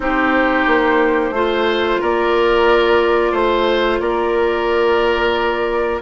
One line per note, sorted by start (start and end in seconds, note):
0.00 0.66 C4
0.00 1.33 D#4
0.00 1.34 G4
0.00 2.02 C5
0.67 1.30 A#3
1.30 1.97 A3
1.30 6.00 F4
1.30 2.00 C5
2.00 3.32 A#3
2.00 3.31 A#4
2.00 3.35 D5
3.31 3.99 A3
3.31 3.98 C5
3.31 3.99 C5
3.99 6.00 A#3
3.99 6.02 A#4
3.99 5.99 D5